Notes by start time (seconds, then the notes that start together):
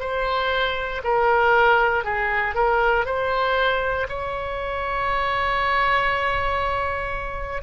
0.00 C5
1.04 A#4
2.04 G#4
2.55 A#4
3.06 C5
4.09 C#5